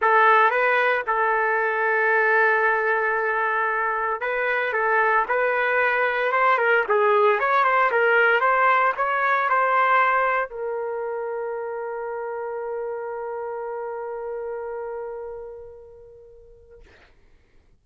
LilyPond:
\new Staff \with { instrumentName = "trumpet" } { \time 4/4 \tempo 4 = 114 a'4 b'4 a'2~ | a'1 | b'4 a'4 b'2 | c''8 ais'8 gis'4 cis''8 c''8 ais'4 |
c''4 cis''4 c''2 | ais'1~ | ais'1~ | ais'1 | }